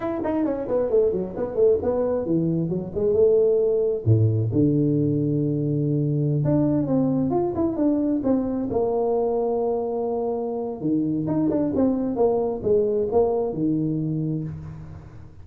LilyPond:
\new Staff \with { instrumentName = "tuba" } { \time 4/4 \tempo 4 = 133 e'8 dis'8 cis'8 b8 a8 fis8 b8 a8 | b4 e4 fis8 gis8 a4~ | a4 a,4 d2~ | d2~ d16 d'4 c'8.~ |
c'16 f'8 e'8 d'4 c'4 ais8.~ | ais1 | dis4 dis'8 d'8 c'4 ais4 | gis4 ais4 dis2 | }